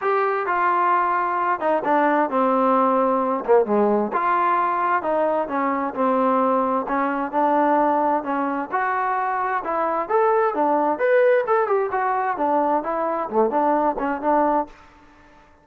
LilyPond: \new Staff \with { instrumentName = "trombone" } { \time 4/4 \tempo 4 = 131 g'4 f'2~ f'8 dis'8 | d'4 c'2~ c'8 ais8 | gis4 f'2 dis'4 | cis'4 c'2 cis'4 |
d'2 cis'4 fis'4~ | fis'4 e'4 a'4 d'4 | b'4 a'8 g'8 fis'4 d'4 | e'4 a8 d'4 cis'8 d'4 | }